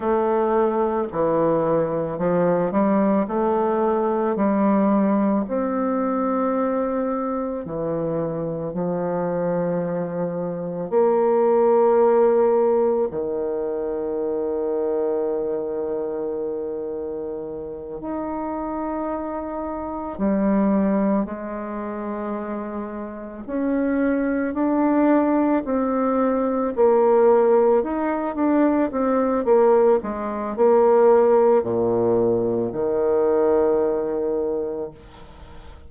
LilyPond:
\new Staff \with { instrumentName = "bassoon" } { \time 4/4 \tempo 4 = 55 a4 e4 f8 g8 a4 | g4 c'2 e4 | f2 ais2 | dis1~ |
dis8 dis'2 g4 gis8~ | gis4. cis'4 d'4 c'8~ | c'8 ais4 dis'8 d'8 c'8 ais8 gis8 | ais4 ais,4 dis2 | }